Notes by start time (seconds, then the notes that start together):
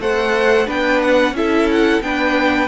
0.00 A3 A4 C5 F#5
0.67 B3 D4 B4 G5
1.02 F#5
1.32 C#4 E4 A4 E5
1.71 F#5
2.02 B3 D4 B4 G5